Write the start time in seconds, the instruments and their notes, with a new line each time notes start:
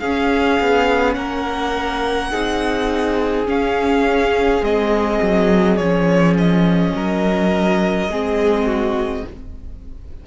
0.00 cello C#4, viola C#4, violin G#4 F5
0.60 cello B3
1.14 cello A#3, violin A#4 F#5
2.31 cello C4, viola D#4, violin G#4
3.46 viola C#4, cello C#4, violin F5
4.62 cello G#3, viola C4, violin D#5
5.22 cello F#3
5.77 cello F3, viola C#4, violin C#5
6.38 violin D#5
6.95 cello F#3, violin A#4
8.08 cello G#3, viola C4, violin G#4
8.66 violin F#4